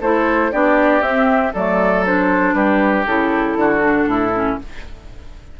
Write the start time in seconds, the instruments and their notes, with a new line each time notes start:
0.00 bassoon A3, clarinet E4, oboe A4, flute C5
0.52 bassoon B3, clarinet D4, oboe G4, flute D5
1.01 bassoon C4, clarinet C4, flute E5
1.53 bassoon F#3, clarinet A3, oboe A4, flute D5
2.06 clarinet D4, flute C5
2.53 bassoon G3, oboe G4, flute B4
3.06 bassoon C#3, clarinet E4, flute A4
3.56 bassoon D3, oboe F#4
3.81 clarinet D4
4.06 bassoon A2, oboe E4
4.34 clarinet C#4